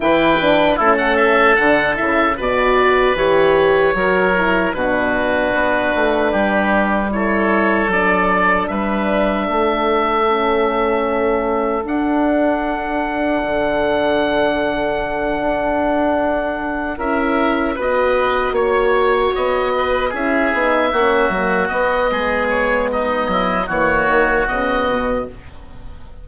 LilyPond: <<
  \new Staff \with { instrumentName = "oboe" } { \time 4/4 \tempo 4 = 76 g''4 e'16 fis''16 e''8 fis''8 e''8 d''4 | cis''2 b'2~ | b'4 cis''4 d''4 e''4~ | e''2. fis''4~ |
fis''1~ | fis''4. e''4 dis''4 cis''8~ | cis''8 dis''4 e''2 dis''8~ | dis''8 cis''8 dis''4 cis''4 dis''4 | }
  \new Staff \with { instrumentName = "oboe" } { \time 4/4 b'4 a'2 b'4~ | b'4 ais'4 fis'2 | g'4 a'2 b'4 | a'1~ |
a'1~ | a'4. ais'4 b'4 cis''8~ | cis''4 b'8 gis'4 fis'4. | gis'4 dis'8 e'8 fis'2 | }
  \new Staff \with { instrumentName = "horn" } { \time 4/4 e'8 d'8 cis'4 d'8 e'8 fis'4 | g'4 fis'8 e'8 d'2~ | d'4 e'4 d'2~ | d'4 cis'2 d'4~ |
d'1~ | d'4. e'4 fis'4.~ | fis'4. e'8 dis'8 cis'8 ais8 b8~ | b2 ais4 b4 | }
  \new Staff \with { instrumentName = "bassoon" } { \time 4/4 e4 a4 d8 cis8 b,4 | e4 fis4 b,4 b8 a8 | g2 fis4 g4 | a2. d'4~ |
d'4 d2~ d8 d'8~ | d'4. cis'4 b4 ais8~ | ais8 b4 cis'8 b8 ais8 fis8 b8 | gis4. fis8 e8 dis8 cis8 b,8 | }
>>